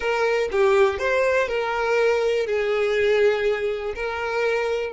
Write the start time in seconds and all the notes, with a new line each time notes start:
0.00 A#4
0.51 G4
0.98 C5
1.48 A#4
2.46 G#4
3.95 A#4